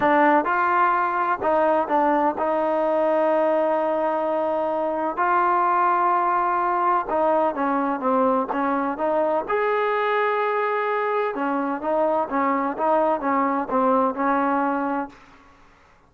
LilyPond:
\new Staff \with { instrumentName = "trombone" } { \time 4/4 \tempo 4 = 127 d'4 f'2 dis'4 | d'4 dis'2.~ | dis'2. f'4~ | f'2. dis'4 |
cis'4 c'4 cis'4 dis'4 | gis'1 | cis'4 dis'4 cis'4 dis'4 | cis'4 c'4 cis'2 | }